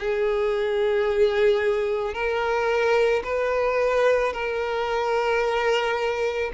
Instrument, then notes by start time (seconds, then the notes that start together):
violin
0.00 G#4
2.14 A#4
3.24 B4
4.34 A#4